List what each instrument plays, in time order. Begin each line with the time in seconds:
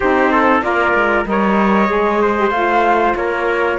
0.00 cello C4, saxophone D#4, trumpet G4, flute C5
0.31 trumpet A4
0.61 cello A#3, saxophone F4, trumpet A#4, flute D5
0.93 cello G#3
1.26 cello G3, saxophone A#4, trumpet C#5, flute D#5
1.87 cello G#3, saxophone G#4
2.21 trumpet C5
2.36 saxophone G4
2.50 cello A3, saxophone F4, flute F5
3.15 cello A#3, trumpet A#4, flute C#5